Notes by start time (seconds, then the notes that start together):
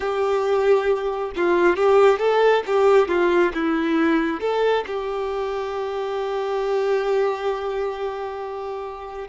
0.00 G4
1.36 F4
1.76 G4
2.19 A4
2.66 G4
3.08 F4
3.53 E4
4.40 A4
4.86 G4